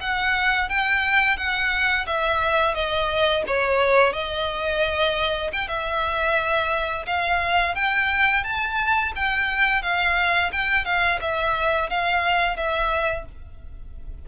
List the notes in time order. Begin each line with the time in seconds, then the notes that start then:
0.00 F#5
0.69 G5
1.37 F#5
2.07 E5
2.75 D#5
3.47 C#5
4.13 D#5
5.53 G5
5.68 E5
7.06 F5
7.75 G5
8.44 A5
9.16 G5
9.82 F5
10.52 G5
10.85 F5
11.21 E5
11.90 F5
12.57 E5